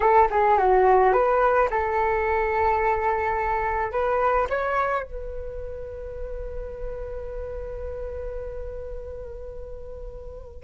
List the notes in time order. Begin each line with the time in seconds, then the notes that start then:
0.00 A4
0.30 G#4
0.58 F#4
1.12 B4
1.70 A4
3.91 B4
4.49 C#5
5.03 B4